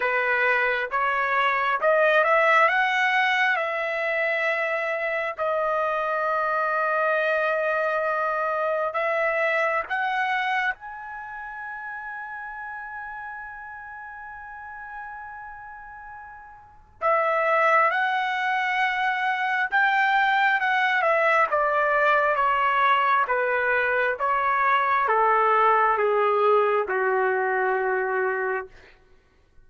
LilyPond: \new Staff \with { instrumentName = "trumpet" } { \time 4/4 \tempo 4 = 67 b'4 cis''4 dis''8 e''8 fis''4 | e''2 dis''2~ | dis''2 e''4 fis''4 | gis''1~ |
gis''2. e''4 | fis''2 g''4 fis''8 e''8 | d''4 cis''4 b'4 cis''4 | a'4 gis'4 fis'2 | }